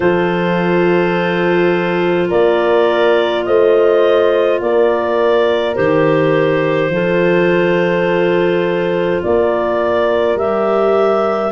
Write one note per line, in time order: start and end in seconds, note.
0.00 2.30 F3
0.00 5.75 F4
0.00 2.28 A4
0.00 2.30 C5
2.28 3.46 A#3
2.28 3.44 A#4
2.28 3.44 D5
3.44 4.60 A3
3.44 4.62 C5
3.44 4.59 D#5
4.60 5.75 A#3
4.60 6.92 A#4
4.60 5.75 D5
5.75 6.89 D#3
5.75 6.90 G4
5.75 9.21 C5
6.89 9.20 F3
6.89 10.39 F4
6.89 9.23 A4
9.22 10.35 A#3
9.22 11.52 A#4
9.22 10.38 D5
10.35 11.50 G3
10.35 11.52 G4
10.35 11.52 E5